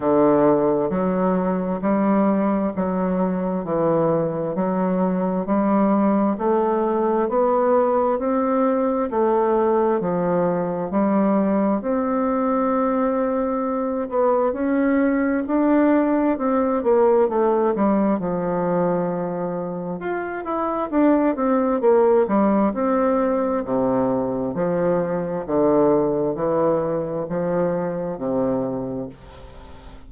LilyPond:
\new Staff \with { instrumentName = "bassoon" } { \time 4/4 \tempo 4 = 66 d4 fis4 g4 fis4 | e4 fis4 g4 a4 | b4 c'4 a4 f4 | g4 c'2~ c'8 b8 |
cis'4 d'4 c'8 ais8 a8 g8 | f2 f'8 e'8 d'8 c'8 | ais8 g8 c'4 c4 f4 | d4 e4 f4 c4 | }